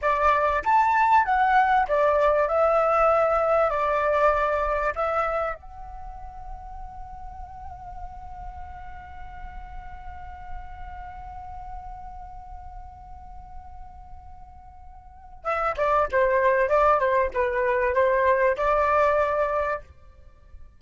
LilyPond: \new Staff \with { instrumentName = "flute" } { \time 4/4 \tempo 4 = 97 d''4 a''4 fis''4 d''4 | e''2 d''2 | e''4 fis''2.~ | fis''1~ |
fis''1~ | fis''1~ | fis''4 e''8 d''8 c''4 d''8 c''8 | b'4 c''4 d''2 | }